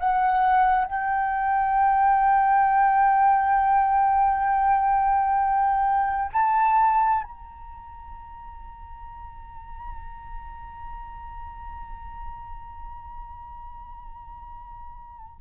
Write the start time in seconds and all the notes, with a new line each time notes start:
0.00 F#5
0.86 G5
6.33 A5
7.24 A#5